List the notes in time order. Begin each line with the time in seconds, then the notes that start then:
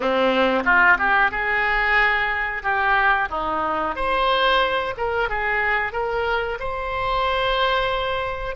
0.00 C4
0.64 F4
0.98 G4
1.31 G#4
2.62 G4
3.29 D#4
3.95 C5
4.97 A#4
5.29 G#4
5.92 A#4
6.59 C5